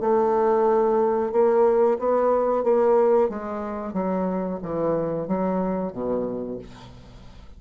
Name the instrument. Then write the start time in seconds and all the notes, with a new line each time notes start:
bassoon
0.00 A3
1.32 A#3
1.98 B3
2.63 A#3
3.29 G#3
3.93 F#3
4.62 E3
5.27 F#3
5.92 B2